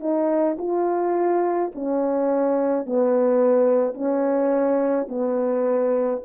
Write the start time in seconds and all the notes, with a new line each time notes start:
0.00 D#4
0.58 F4
1.74 C#4
2.86 B3
3.94 C#4
5.08 B3